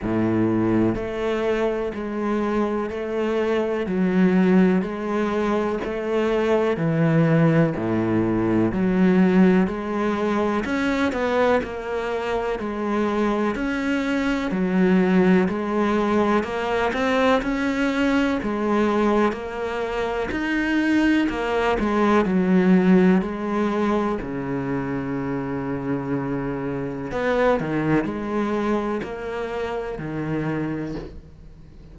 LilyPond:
\new Staff \with { instrumentName = "cello" } { \time 4/4 \tempo 4 = 62 a,4 a4 gis4 a4 | fis4 gis4 a4 e4 | a,4 fis4 gis4 cis'8 b8 | ais4 gis4 cis'4 fis4 |
gis4 ais8 c'8 cis'4 gis4 | ais4 dis'4 ais8 gis8 fis4 | gis4 cis2. | b8 dis8 gis4 ais4 dis4 | }